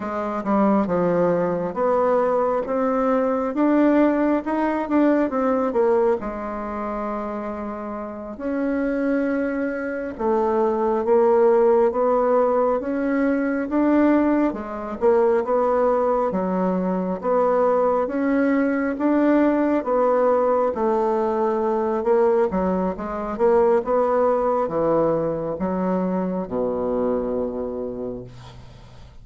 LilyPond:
\new Staff \with { instrumentName = "bassoon" } { \time 4/4 \tempo 4 = 68 gis8 g8 f4 b4 c'4 | d'4 dis'8 d'8 c'8 ais8 gis4~ | gis4. cis'2 a8~ | a8 ais4 b4 cis'4 d'8~ |
d'8 gis8 ais8 b4 fis4 b8~ | b8 cis'4 d'4 b4 a8~ | a4 ais8 fis8 gis8 ais8 b4 | e4 fis4 b,2 | }